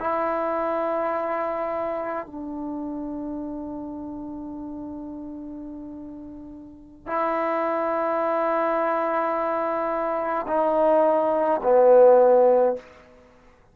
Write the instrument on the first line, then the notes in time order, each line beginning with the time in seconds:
trombone
0.00 E4
2.26 D4
7.07 E4
10.48 D#4
11.63 B3